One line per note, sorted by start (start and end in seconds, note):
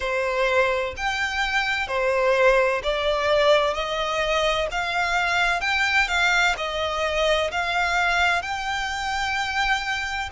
0.00 0.94 C5
0.96 1.87 G5
1.87 2.81 C5
2.83 3.74 D5
3.74 4.67 D#5
4.71 5.60 F5
5.60 6.07 G5
6.07 6.54 F5
6.57 7.50 D#5
7.51 8.42 F5
8.42 10.29 G5